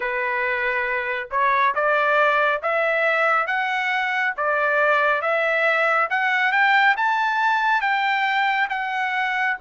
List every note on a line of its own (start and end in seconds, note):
0.00 1.28 B4
1.30 1.74 C#5
1.74 2.61 D5
2.62 3.46 E5
3.46 4.33 F#5
4.37 5.21 D5
5.21 6.08 E5
6.09 6.51 F#5
6.51 6.95 G5
6.96 7.81 A5
7.81 8.68 G5
8.70 9.57 F#5